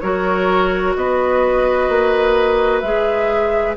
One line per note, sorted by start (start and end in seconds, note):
0.00 0.95 F#3
0.00 2.83 F#4
0.00 0.96 A#4
0.00 0.94 C#5
0.95 1.88 B3
0.95 3.77 B4
0.95 2.80 D#5
1.88 2.82 A#3
2.80 3.76 G#3
2.80 3.77 G#4
2.80 3.74 E5